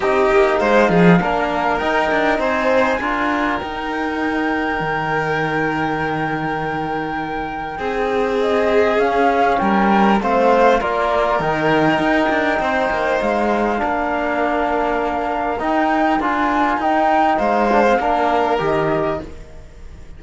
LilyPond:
<<
  \new Staff \with { instrumentName = "flute" } { \time 4/4 \tempo 4 = 100 dis''4 f''2 g''4 | gis''2 g''2~ | g''1~ | g''2 dis''4 f''4 |
g''4 f''4 d''4 g''4~ | g''2 f''2~ | f''2 g''4 gis''4 | g''4 f''2 dis''4 | }
  \new Staff \with { instrumentName = "violin" } { \time 4/4 g'4 c''8 gis'8 ais'2 | c''4 ais'2.~ | ais'1~ | ais'4 gis'2. |
ais'4 c''4 ais'2~ | ais'4 c''2 ais'4~ | ais'1~ | ais'4 c''4 ais'2 | }
  \new Staff \with { instrumentName = "trombone" } { \time 4/4 dis'2 d'4 dis'4~ | dis'4 f'4 dis'2~ | dis'1~ | dis'2. cis'4~ |
cis'4 c'4 f'4 dis'4~ | dis'2. d'4~ | d'2 dis'4 f'4 | dis'4. d'16 c'16 d'4 g'4 | }
  \new Staff \with { instrumentName = "cello" } { \time 4/4 c'8 ais8 gis8 f8 ais4 dis'8 d'8 | c'4 d'4 dis'2 | dis1~ | dis4 c'2 cis'4 |
g4 a4 ais4 dis4 | dis'8 d'8 c'8 ais8 gis4 ais4~ | ais2 dis'4 d'4 | dis'4 gis4 ais4 dis4 | }
>>